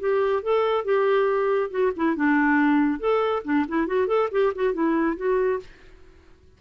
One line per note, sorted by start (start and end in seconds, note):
0.00 0.43 G4
0.43 0.85 A4
0.85 1.71 G4
1.71 1.92 F#4
1.96 2.16 E4
2.16 3.00 D4
3.00 3.43 A4
3.44 3.66 D4
3.68 3.87 E4
3.87 4.08 F#4
4.08 4.29 A4
4.31 4.53 G4
4.55 4.73 F#4
4.73 5.16 E4
5.16 5.60 F#4